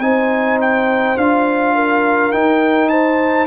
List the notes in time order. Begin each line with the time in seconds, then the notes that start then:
0.00 C4 D#4 C5 G#5
0.61 G5
1.17 D4 F4 F5
1.75 A#4
2.32 D#4 G5
2.89 C5 A5